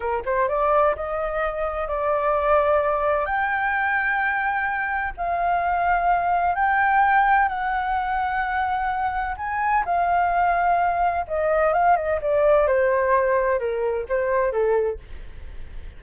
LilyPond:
\new Staff \with { instrumentName = "flute" } { \time 4/4 \tempo 4 = 128 ais'8 c''8 d''4 dis''2 | d''2. g''4~ | g''2. f''4~ | f''2 g''2 |
fis''1 | gis''4 f''2. | dis''4 f''8 dis''8 d''4 c''4~ | c''4 ais'4 c''4 a'4 | }